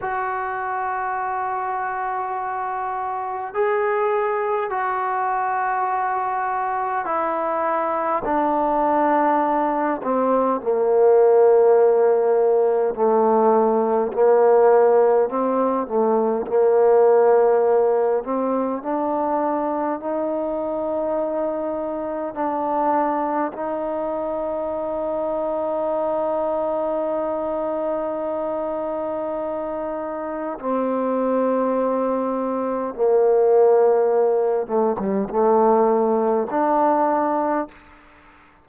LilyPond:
\new Staff \with { instrumentName = "trombone" } { \time 4/4 \tempo 4 = 51 fis'2. gis'4 | fis'2 e'4 d'4~ | d'8 c'8 ais2 a4 | ais4 c'8 a8 ais4. c'8 |
d'4 dis'2 d'4 | dis'1~ | dis'2 c'2 | ais4. a16 g16 a4 d'4 | }